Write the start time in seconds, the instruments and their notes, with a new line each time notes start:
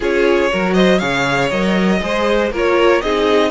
0.00 cello C#4, viola F4, violin G#4 C#5
0.50 cello F#3, viola F#4, violin A#4
0.73 violin C5 D#5
0.98 cello C#3, viola G#4, violin C#5 F5
1.50 cello F#3, viola A#4, violin D#5
2.00 cello G#3, viola G#4, violin C5
2.51 cello A#3, viola F4, violin A#4 C#5
3.01 cello C4, viola D#4, violin G#4 D#5